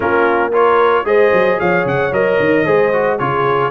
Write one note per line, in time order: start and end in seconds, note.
0.00 1.04 A#3
0.00 0.52 C#4
0.00 0.50 F4
0.00 0.52 A#4
0.50 1.05 F4
0.50 1.03 A#4
0.50 1.06 C#5
1.04 1.31 G#3
1.04 2.11 G#4
1.04 1.60 C5
1.04 1.59 D#5
1.32 1.59 F#3
1.59 1.85 F3
1.59 2.65 C#5
1.59 1.86 F5
1.85 2.12 C#3
1.85 2.13 F#5
2.12 2.38 F#3
2.12 2.65 A#4
2.12 3.18 D#5
2.39 2.65 D#3
2.65 3.19 G#3
2.65 2.92 G#4
2.65 3.18 C5
2.92 3.19 F#4
3.18 3.71 C#3
3.18 3.71 F4
3.18 3.71 G#4
3.18 3.71 C#5